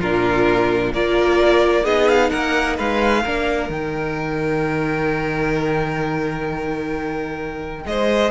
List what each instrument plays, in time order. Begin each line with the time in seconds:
0.00 cello A#2, viola D4, violin F4 A#4
0.93 cello A#3, viola F4, violin A#4 D5
1.84 cello B3, viola D#4, violin G#4 D#5
2.09 violin F5
2.30 cello A#3, violin A#4 F#5
2.78 cello G#3, violin B4 F5
3.24 cello A#3, viola D4, violin A#4
3.70 cello D#3, viola D#4, violin G5
7.86 cello G#3, violin C5 D#5